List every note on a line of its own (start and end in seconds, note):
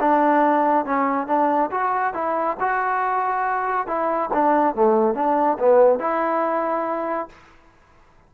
0.00 0.85 D4
0.85 1.27 C#4
1.27 1.70 D4
1.71 2.14 F#4
2.14 2.57 E4
2.60 3.87 F#4
3.87 4.30 E4
4.34 4.75 D4
4.75 5.15 A3
5.15 5.58 D4
5.59 5.99 B3
5.99 7.29 E4